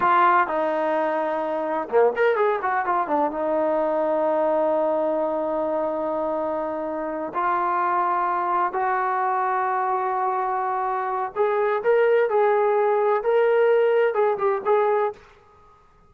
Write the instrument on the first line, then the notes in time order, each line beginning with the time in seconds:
trombone
0.00 F4
0.47 D#4
1.89 A#3
2.15 A#4
2.36 G#4
2.62 F#4
2.85 F4
3.07 D4
3.31 D#4
7.34 F4
8.72 F#4
11.35 G#4
11.83 A#4
12.29 G#4
13.23 A#4
14.14 G#4
14.38 G4
14.65 G#4